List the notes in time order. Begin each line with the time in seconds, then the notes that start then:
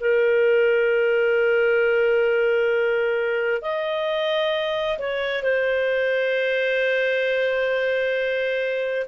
0.00 A#4
3.62 D#5
4.98 C#5
5.43 C5